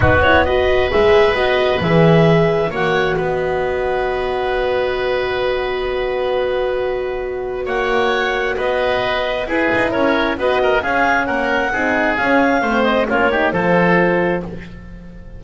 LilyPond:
<<
  \new Staff \with { instrumentName = "clarinet" } { \time 4/4 \tempo 4 = 133 b'8 cis''8 dis''4 e''4 dis''4 | e''2 fis''4 dis''4~ | dis''1~ | dis''1~ |
dis''4 fis''2 dis''4~ | dis''4 b'4 cis''4 dis''4 | f''4 fis''2 f''4~ | f''8 dis''8 cis''4 c''2 | }
  \new Staff \with { instrumentName = "oboe" } { \time 4/4 fis'4 b'2.~ | b'2 cis''4 b'4~ | b'1~ | b'1~ |
b'4 cis''2 b'4~ | b'4 gis'4 ais'4 b'8 ais'8 | gis'4 ais'4 gis'2 | c''4 f'8 g'8 a'2 | }
  \new Staff \with { instrumentName = "horn" } { \time 4/4 dis'8 e'8 fis'4 gis'4 fis'4 | gis'2 fis'2~ | fis'1~ | fis'1~ |
fis'1~ | fis'4 e'2 fis'4 | cis'2 dis'4 cis'4 | c'4 cis'8 dis'8 f'2 | }
  \new Staff \with { instrumentName = "double bass" } { \time 4/4 b2 gis4 b4 | e2 ais4 b4~ | b1~ | b1~ |
b4 ais2 b4~ | b4 e'8 dis'8 cis'4 b4 | cis'4 ais4 c'4 cis'4 | a4 ais4 f2 | }
>>